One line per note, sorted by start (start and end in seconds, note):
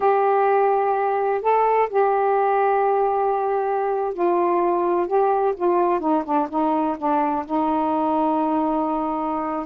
0.00 1.41 G4
1.41 1.88 A4
1.89 4.13 G4
4.13 5.07 F4
5.07 5.54 G4
5.56 6.00 F4
6.00 6.23 D#4
6.24 6.47 D4
6.49 6.97 D#4
6.97 7.45 D4
7.45 9.66 D#4